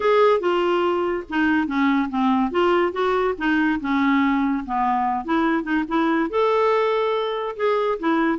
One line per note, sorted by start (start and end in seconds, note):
0.00 0.39 G#4
0.39 1.23 F4
1.29 1.67 D#4
1.67 2.09 C#4
2.09 2.51 C4
2.51 2.92 F4
2.92 3.34 F#4
3.38 3.80 D#4
3.80 4.64 C#4
4.65 5.24 B3
5.24 5.63 E4
5.63 5.84 D#4
5.88 6.30 E4
6.30 7.55 A4
7.56 7.98 G#4
7.99 8.38 E4